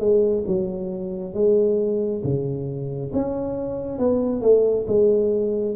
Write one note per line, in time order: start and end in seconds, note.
0.00 0.44 G#3
0.47 1.34 F#3
1.34 2.22 G#3
2.24 3.12 C#3
3.13 3.99 C#4
3.99 4.42 B3
4.42 4.86 A3
4.87 5.76 G#3